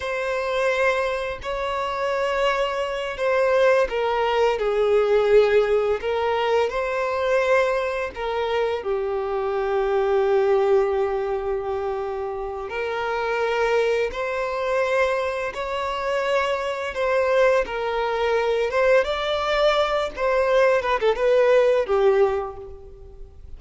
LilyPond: \new Staff \with { instrumentName = "violin" } { \time 4/4 \tempo 4 = 85 c''2 cis''2~ | cis''8 c''4 ais'4 gis'4.~ | gis'8 ais'4 c''2 ais'8~ | ais'8 g'2.~ g'8~ |
g'2 ais'2 | c''2 cis''2 | c''4 ais'4. c''8 d''4~ | d''8 c''4 b'16 a'16 b'4 g'4 | }